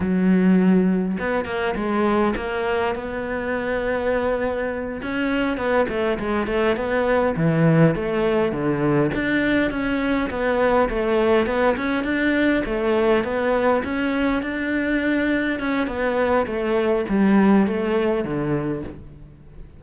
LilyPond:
\new Staff \with { instrumentName = "cello" } { \time 4/4 \tempo 4 = 102 fis2 b8 ais8 gis4 | ais4 b2.~ | b8 cis'4 b8 a8 gis8 a8 b8~ | b8 e4 a4 d4 d'8~ |
d'8 cis'4 b4 a4 b8 | cis'8 d'4 a4 b4 cis'8~ | cis'8 d'2 cis'8 b4 | a4 g4 a4 d4 | }